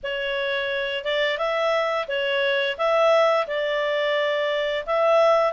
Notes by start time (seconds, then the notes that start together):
0.03 C#5
1.04 D5
1.38 E5
2.08 C#5
2.77 E5
3.47 D5
4.86 E5